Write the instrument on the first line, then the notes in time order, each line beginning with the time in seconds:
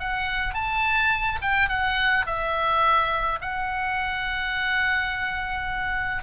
oboe
0.00 F#5
0.54 A5
1.42 G5
1.69 F#5
2.26 E5
3.42 F#5